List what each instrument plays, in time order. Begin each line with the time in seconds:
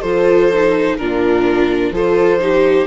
0.00 bassoon F3, viola F4 A4, violin C5
0.53 viola D#4
0.97 bassoon A#2, viola D4 F4, violin A#4
1.91 bassoon F3, viola F4 A4, violin C5
2.39 viola D#4 G4